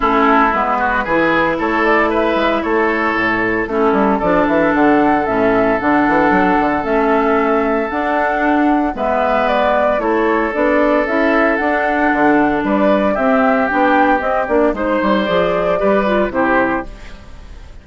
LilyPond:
<<
  \new Staff \with { instrumentName = "flute" } { \time 4/4 \tempo 4 = 114 a'4 b'2 cis''8 d''8 | e''4 cis''2 a'4 | d''8 e''8 fis''4 e''4 fis''4~ | fis''4 e''2 fis''4~ |
fis''4 e''4 d''4 cis''4 | d''4 e''4 fis''2 | d''4 e''4 g''4 dis''8 d''8 | c''4 d''2 c''4 | }
  \new Staff \with { instrumentName = "oboe" } { \time 4/4 e'4. fis'8 gis'4 a'4 | b'4 a'2 e'4 | a'1~ | a'1~ |
a'4 b'2 a'4~ | a'1 | b'4 g'2. | c''2 b'4 g'4 | }
  \new Staff \with { instrumentName = "clarinet" } { \time 4/4 cis'4 b4 e'2~ | e'2. cis'4 | d'2 cis'4 d'4~ | d'4 cis'2 d'4~ |
d'4 b2 e'4 | d'4 e'4 d'2~ | d'4 c'4 d'4 c'8 d'8 | dis'4 gis'4 g'8 f'8 e'4 | }
  \new Staff \with { instrumentName = "bassoon" } { \time 4/4 a4 gis4 e4 a4~ | a8 gis8 a4 a,4 a8 g8 | f8 e8 d4 a,4 d8 e8 | fis8 d8 a2 d'4~ |
d'4 gis2 a4 | b4 cis'4 d'4 d4 | g4 c'4 b4 c'8 ais8 | gis8 g8 f4 g4 c4 | }
>>